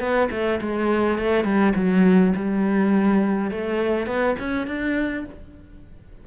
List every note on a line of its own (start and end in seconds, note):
0.00 0.29 B3
0.31 0.60 A3
0.61 1.18 G#3
1.18 1.44 A3
1.44 1.73 G3
1.76 2.34 F#3
2.36 3.51 G3
3.51 4.06 A3
4.06 4.36 B3
4.39 4.67 C#4
4.67 5.25 D4